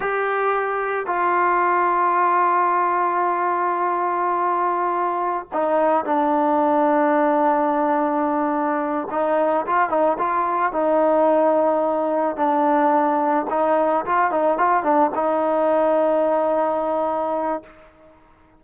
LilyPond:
\new Staff \with { instrumentName = "trombone" } { \time 4/4 \tempo 4 = 109 g'2 f'2~ | f'1~ | f'2 dis'4 d'4~ | d'1~ |
d'8 dis'4 f'8 dis'8 f'4 dis'8~ | dis'2~ dis'8 d'4.~ | d'8 dis'4 f'8 dis'8 f'8 d'8 dis'8~ | dis'1 | }